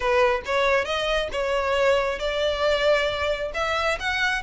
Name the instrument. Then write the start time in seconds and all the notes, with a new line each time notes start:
violin
0.00 B4
0.45 C#5
0.84 D#5
1.32 C#5
2.19 D5
3.54 E5
3.99 F#5